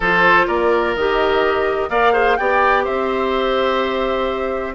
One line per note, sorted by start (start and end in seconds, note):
0.00 0.47 F3
0.00 0.97 F4
0.00 0.46 A4
0.00 0.47 C5
0.47 0.95 A#3
0.47 1.89 A#4
0.47 0.95 D5
0.95 1.89 D#3
0.95 1.90 G4
0.95 1.90 D#5
1.89 2.37 A#3
1.89 2.13 A#4
1.89 2.13 D5
1.89 2.37 F5
2.13 2.37 G#4
2.13 2.36 C5
2.37 2.87 B3
2.37 4.75 G4
2.37 2.84 D5
2.37 2.84 G5
2.84 4.75 C4
2.84 4.74 C5
2.84 4.75 E5